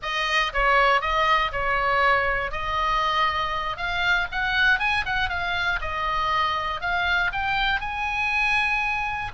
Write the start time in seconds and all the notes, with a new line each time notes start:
0.02 D#5
0.53 C#5
1.01 D#5
1.52 C#5
2.51 D#5
3.76 F5
4.31 F#5
4.79 G#5
5.05 F#5
5.29 F5
5.81 D#5
6.81 F5
7.32 G5
7.80 G#5